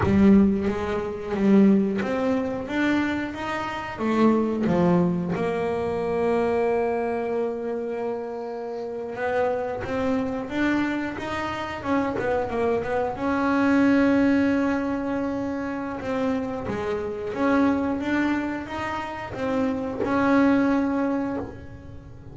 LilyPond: \new Staff \with { instrumentName = "double bass" } { \time 4/4 \tempo 4 = 90 g4 gis4 g4 c'4 | d'4 dis'4 a4 f4 | ais1~ | ais4.~ ais16 b4 c'4 d'16~ |
d'8. dis'4 cis'8 b8 ais8 b8 cis'16~ | cis'1 | c'4 gis4 cis'4 d'4 | dis'4 c'4 cis'2 | }